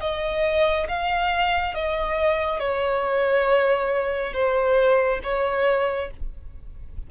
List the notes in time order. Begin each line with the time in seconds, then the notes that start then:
0.00 D#5
0.88 F5
1.74 D#5
2.59 C#5
4.33 C5
5.23 C#5